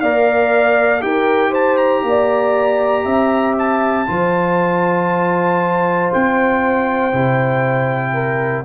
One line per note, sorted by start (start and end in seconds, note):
0.00 1.01 A#3
0.00 1.00 A#4
0.00 1.03 D5
0.00 1.02 F5
1.00 2.03 D#4
1.00 4.06 G4
1.00 1.50 A#4
1.00 1.53 G5
1.50 2.01 C5
1.50 1.77 A5
1.77 3.55 A#5
2.03 3.04 A#3
2.03 3.05 D5
3.05 4.06 C4
3.05 4.07 E5
3.58 6.12 A5
4.07 6.11 F3
4.07 7.12 F4
4.07 8.13 C5
6.13 7.13 C4
6.13 8.65 G5
7.12 8.65 C3
7.12 8.64 E4
8.13 8.64 A#4